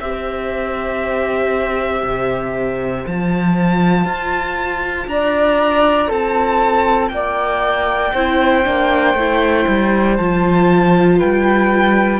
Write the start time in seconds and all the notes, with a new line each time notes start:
0.00 C4 G4 C5 E5
2.03 C3
3.06 F3 F4 A5
4.04 F4
5.07 D4 D5 A#5
6.08 C4 A4 A5
7.08 A#3 D5 G5
8.13 C4 E4 C5
8.65 A#3 D4
9.14 A3 E4
9.68 G3
10.17 F3 F4 A5
11.18 G3 B4 G5